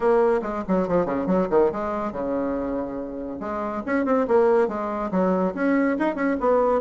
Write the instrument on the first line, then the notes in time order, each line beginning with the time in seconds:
bassoon
0.00 A#3
0.42 G#3
0.68 F#3
0.87 F3
1.05 C#3
1.26 F#3
1.50 D#3
1.72 G#3
2.12 C#3
3.40 G#3
3.86 C#4
4.05 C4
4.27 A#3
4.68 G#3
5.11 F#3
5.54 C#4
5.99 D#4
6.15 C#4
6.39 B3